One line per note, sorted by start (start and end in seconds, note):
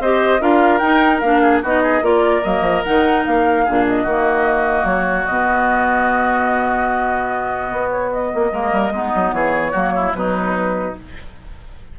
0.00 0.41 C4
0.00 0.40 G4
0.00 0.42 C5
0.00 0.43 D#5
0.40 0.82 D4
0.40 0.81 F4
0.40 1.42 A#4
0.40 0.79 F5
0.79 1.22 D#4
0.79 1.23 D#4
0.79 1.20 G5
1.20 1.63 A#3
1.20 1.64 D4
1.20 1.60 F5
1.42 1.63 G#4
1.63 2.02 B3
1.63 2.02 D#4
1.63 1.83 F#4
1.63 2.05 D#5
1.83 2.04 G#4
2.02 2.43 A#3
2.02 2.43 F4
2.02 3.65 A#4
2.02 2.44 D5
2.44 2.62 F#3
2.44 2.84 A#3
2.44 2.84 D#5
2.62 2.82 F3
2.84 3.27 D#3
2.84 3.67 D#4
2.84 3.25 F#5
3.25 3.67 A#3
3.25 3.86 F5
3.65 4.05 A#2
3.65 4.08 D4
3.65 4.03 G#4
3.88 4.86 D#5
4.03 4.84 D#3
4.03 5.30 A#3
4.03 8.49 F#4
4.84 5.25 F#3
4.84 5.26 C#5
5.26 7.72 B2
5.26 8.52 B3
5.26 7.90 D#5
7.72 8.33 B3
7.91 8.11 C#5
8.12 9.33 D#5
8.35 8.52 A#3
8.52 8.72 G#3
8.52 8.92 A#3
8.52 8.93 A#4
8.72 8.92 G3
8.92 9.12 G#3
8.92 9.74 B3
8.92 9.35 D#4
9.15 9.33 F#3
9.33 9.73 E3
9.33 9.72 G#4
9.33 10.14 C#5
9.72 10.13 F#3
9.72 10.14 A#3
9.72 9.92 F#4
9.96 10.16 E4
10.13 10.94 B2
10.13 10.95 F#3
10.13 10.99 D#4
10.13 10.96 B4